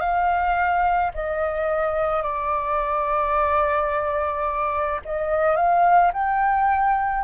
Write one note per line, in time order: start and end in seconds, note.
0.00 1.11 F5
1.14 2.22 D#5
2.22 5.00 D5
5.05 5.56 D#5
5.56 6.11 F5
6.13 7.24 G5